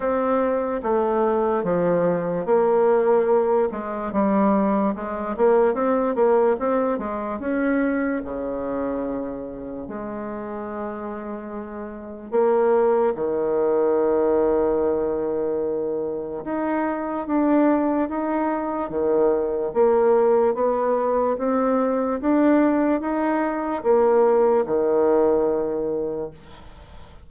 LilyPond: \new Staff \with { instrumentName = "bassoon" } { \time 4/4 \tempo 4 = 73 c'4 a4 f4 ais4~ | ais8 gis8 g4 gis8 ais8 c'8 ais8 | c'8 gis8 cis'4 cis2 | gis2. ais4 |
dis1 | dis'4 d'4 dis'4 dis4 | ais4 b4 c'4 d'4 | dis'4 ais4 dis2 | }